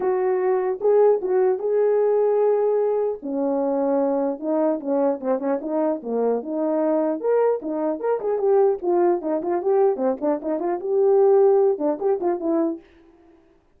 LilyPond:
\new Staff \with { instrumentName = "horn" } { \time 4/4 \tempo 4 = 150 fis'2 gis'4 fis'4 | gis'1 | cis'2. dis'4 | cis'4 c'8 cis'8 dis'4 ais4 |
dis'2 ais'4 dis'4 | ais'8 gis'8 g'4 f'4 dis'8 f'8 | g'4 c'8 d'8 dis'8 f'8 g'4~ | g'4. d'8 g'8 f'8 e'4 | }